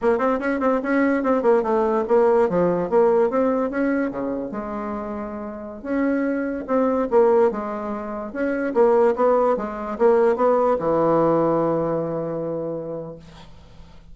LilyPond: \new Staff \with { instrumentName = "bassoon" } { \time 4/4 \tempo 4 = 146 ais8 c'8 cis'8 c'8 cis'4 c'8 ais8 | a4 ais4 f4 ais4 | c'4 cis'4 cis4 gis4~ | gis2~ gis16 cis'4.~ cis'16~ |
cis'16 c'4 ais4 gis4.~ gis16~ | gis16 cis'4 ais4 b4 gis8.~ | gis16 ais4 b4 e4.~ e16~ | e1 | }